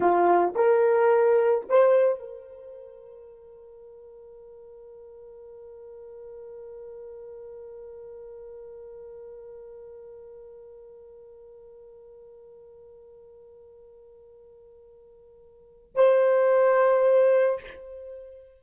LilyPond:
\new Staff \with { instrumentName = "horn" } { \time 4/4 \tempo 4 = 109 f'4 ais'2 c''4 | ais'1~ | ais'1~ | ais'1~ |
ais'1~ | ais'1~ | ais'1~ | ais'4 c''2. | }